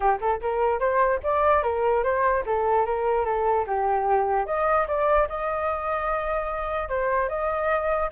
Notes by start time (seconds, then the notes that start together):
0.00 G4
0.20 A4
0.41 A#4
0.79 C5
1.23 D5
1.63 A#4
2.03 C5
2.46 A4
2.85 A#4
3.25 A4
3.67 G4
4.46 D#5
4.87 D5
5.28 D#5
6.88 C5
7.28 D#5